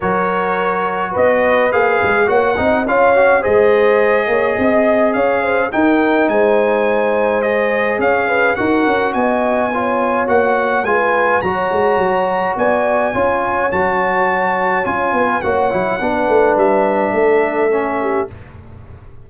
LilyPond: <<
  \new Staff \with { instrumentName = "trumpet" } { \time 4/4 \tempo 4 = 105 cis''2 dis''4 f''4 | fis''4 f''4 dis''2~ | dis''4 f''4 g''4 gis''4~ | gis''4 dis''4 f''4 fis''4 |
gis''2 fis''4 gis''4 | ais''2 gis''2 | a''2 gis''4 fis''4~ | fis''4 e''2. | }
  \new Staff \with { instrumentName = "horn" } { \time 4/4 ais'2 b'2 | cis''8 dis''8 cis''4 c''4. cis''8 | dis''4 cis''8 c''8 ais'4 c''4~ | c''2 cis''8 b'8 ais'4 |
dis''4 cis''2 b'4 | cis''2 d''4 cis''4~ | cis''2~ cis''8 b'8 cis''4 | b'2 a'4. g'8 | }
  \new Staff \with { instrumentName = "trombone" } { \time 4/4 fis'2. gis'4 | fis'8 dis'8 f'8 fis'8 gis'2~ | gis'2 dis'2~ | dis'4 gis'2 fis'4~ |
fis'4 f'4 fis'4 f'4 | fis'2. f'4 | fis'2 f'4 fis'8 e'8 | d'2. cis'4 | }
  \new Staff \with { instrumentName = "tuba" } { \time 4/4 fis2 b4 ais8 gis8 | ais8 c'8 cis'4 gis4. ais8 | c'4 cis'4 dis'4 gis4~ | gis2 cis'4 dis'8 cis'8 |
b2 ais4 gis4 | fis8 gis8 fis4 b4 cis'4 | fis2 cis'8 b8 ais8 fis8 | b8 a8 g4 a2 | }
>>